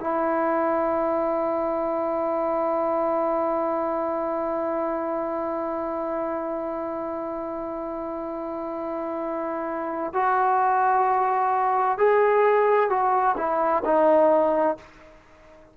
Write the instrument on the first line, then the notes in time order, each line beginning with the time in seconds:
trombone
0.00 E4
10.13 F#4
11.98 G#4
12.89 F#4
13.37 E4
13.85 D#4